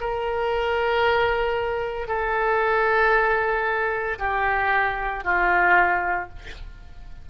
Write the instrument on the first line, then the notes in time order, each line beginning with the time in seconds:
oboe
0.00 A#4
2.08 A4
4.19 G4
5.24 F4